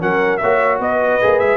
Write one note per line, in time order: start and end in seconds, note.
0.00 0.42 F#3
0.00 0.40 C#4
0.00 0.41 A#4
0.00 0.38 F#5
0.38 0.79 A#3
0.38 1.22 F#4
0.38 0.81 C#5
0.38 0.78 E5
0.79 1.19 B3
0.79 1.57 B4
0.79 1.39 D#5
1.22 1.42 A#3
1.22 1.57 G#4
1.39 1.57 G#3
1.39 1.57 E5